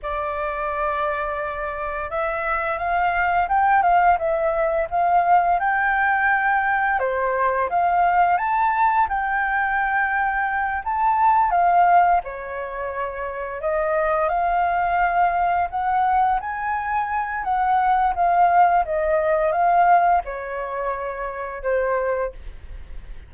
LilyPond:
\new Staff \with { instrumentName = "flute" } { \time 4/4 \tempo 4 = 86 d''2. e''4 | f''4 g''8 f''8 e''4 f''4 | g''2 c''4 f''4 | a''4 g''2~ g''8 a''8~ |
a''8 f''4 cis''2 dis''8~ | dis''8 f''2 fis''4 gis''8~ | gis''4 fis''4 f''4 dis''4 | f''4 cis''2 c''4 | }